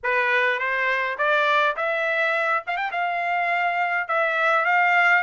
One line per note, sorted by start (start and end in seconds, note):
0.03 0.59 B4
0.59 1.17 C5
1.18 1.76 D5
1.76 2.63 E5
2.66 2.76 F5
2.76 2.91 G5
2.91 4.08 F5
4.08 4.65 E5
4.65 5.23 F5